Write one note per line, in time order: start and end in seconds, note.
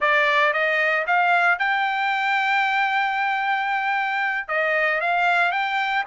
0.00 0.53 D5
0.53 1.05 D#5
1.06 1.58 F5
1.58 4.48 G5
4.48 5.00 D#5
5.00 5.51 F5
5.51 6.04 G5